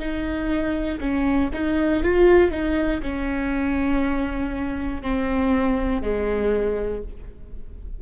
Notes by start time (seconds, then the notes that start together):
0.00 D#4
1.00 C#4
1.54 D#4
2.04 F4
2.51 D#4
3.03 C#4
5.03 C4
6.03 G#3